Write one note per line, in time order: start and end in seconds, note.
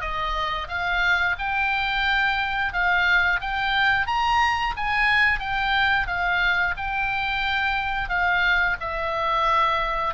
0.00 0.67 D#5
0.68 1.35 F5
1.38 2.73 G5
2.73 3.40 F5
3.40 4.06 G5
4.06 4.74 A#5
4.77 5.39 G#5
5.39 6.07 G5
6.07 6.74 F5
6.77 8.09 G5
8.09 8.76 F5
8.80 10.14 E5